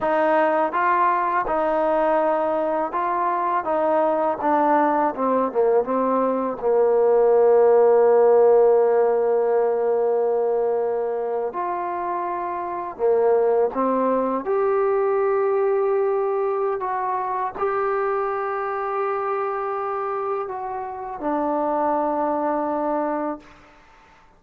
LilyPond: \new Staff \with { instrumentName = "trombone" } { \time 4/4 \tempo 4 = 82 dis'4 f'4 dis'2 | f'4 dis'4 d'4 c'8 ais8 | c'4 ais2.~ | ais2.~ ais8. f'16~ |
f'4.~ f'16 ais4 c'4 g'16~ | g'2. fis'4 | g'1 | fis'4 d'2. | }